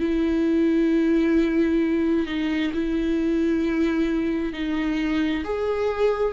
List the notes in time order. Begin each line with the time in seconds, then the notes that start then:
0.00 E4
2.26 D#4
2.74 E4
4.53 D#4
5.44 G#4